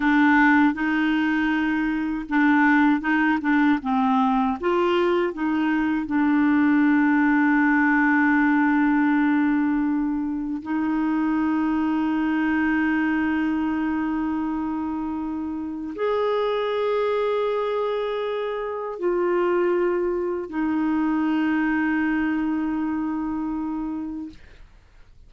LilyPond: \new Staff \with { instrumentName = "clarinet" } { \time 4/4 \tempo 4 = 79 d'4 dis'2 d'4 | dis'8 d'8 c'4 f'4 dis'4 | d'1~ | d'2 dis'2~ |
dis'1~ | dis'4 gis'2.~ | gis'4 f'2 dis'4~ | dis'1 | }